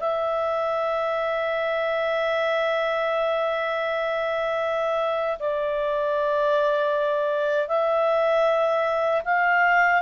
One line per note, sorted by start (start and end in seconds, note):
0.00 5.38 E5
5.40 7.68 D5
7.68 9.22 E5
9.25 10.02 F5